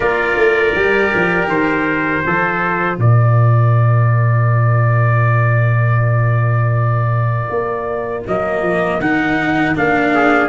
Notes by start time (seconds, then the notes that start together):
0.00 A#3 F4 A#4 D5
0.36 A3
0.75 G3 G4
1.15 F3
1.47 D#3 C5
2.25 F3 F4 A4
2.98 A#2 A#4 D5
7.50 A#3
8.26 F#3 A#3 D#5
8.61 F3
9.00 D#3 D#4 F#5
9.75 A#3 D4 F5
10.14 G#4